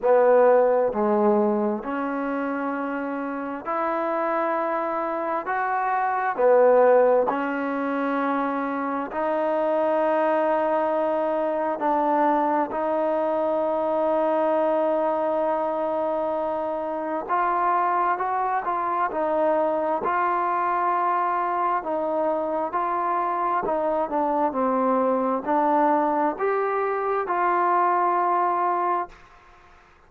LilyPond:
\new Staff \with { instrumentName = "trombone" } { \time 4/4 \tempo 4 = 66 b4 gis4 cis'2 | e'2 fis'4 b4 | cis'2 dis'2~ | dis'4 d'4 dis'2~ |
dis'2. f'4 | fis'8 f'8 dis'4 f'2 | dis'4 f'4 dis'8 d'8 c'4 | d'4 g'4 f'2 | }